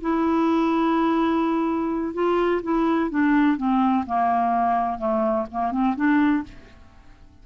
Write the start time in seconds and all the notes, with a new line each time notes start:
0.00 E4
2.13 F4
2.62 E4
3.10 D4
3.57 C4
4.06 A#3
4.98 A3
5.51 A#3
5.71 C4
5.95 D4